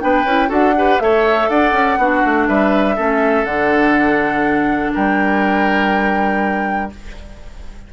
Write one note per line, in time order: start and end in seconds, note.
0.00 0.25 B3
0.00 0.25 D4
0.00 0.49 B4
0.00 0.50 G5
0.25 0.49 C#4
0.25 0.48 E4
0.48 0.99 D4
0.48 0.73 F#4
0.48 0.74 A4
0.48 1.00 F#5
0.76 1.01 G4
0.76 1.03 B4
1.00 1.49 A3
1.00 1.99 A4
1.00 1.50 C#5
1.00 1.49 E5
1.49 1.72 D4
1.49 1.99 D5
1.49 2.48 F#5
1.72 1.97 C#4
1.98 2.22 B3
1.98 2.97 D4
1.98 2.49 F#4
2.25 2.49 A3
2.48 2.98 G3
2.48 2.95 B4
2.48 3.45 E5
2.95 3.44 A3
2.95 3.46 C#4
2.95 4.92 A4
3.44 4.92 D3
3.44 6.90 D4
3.44 4.93 F#5
4.94 6.93 G3
4.94 6.90 A#4
4.94 6.92 G5